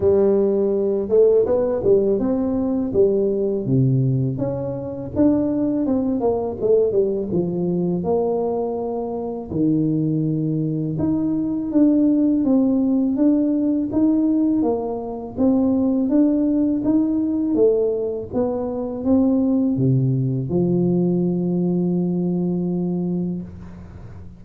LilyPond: \new Staff \with { instrumentName = "tuba" } { \time 4/4 \tempo 4 = 82 g4. a8 b8 g8 c'4 | g4 c4 cis'4 d'4 | c'8 ais8 a8 g8 f4 ais4~ | ais4 dis2 dis'4 |
d'4 c'4 d'4 dis'4 | ais4 c'4 d'4 dis'4 | a4 b4 c'4 c4 | f1 | }